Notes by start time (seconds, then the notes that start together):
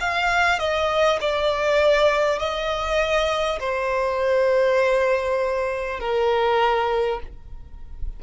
0.00 F5
0.59 D#5
1.21 D5
2.39 D#5
3.60 C5
6.00 A#4